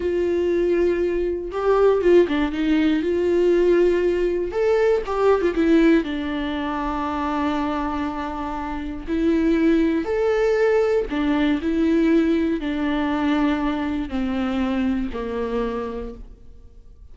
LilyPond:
\new Staff \with { instrumentName = "viola" } { \time 4/4 \tempo 4 = 119 f'2. g'4 | f'8 d'8 dis'4 f'2~ | f'4 a'4 g'8. f'16 e'4 | d'1~ |
d'2 e'2 | a'2 d'4 e'4~ | e'4 d'2. | c'2 ais2 | }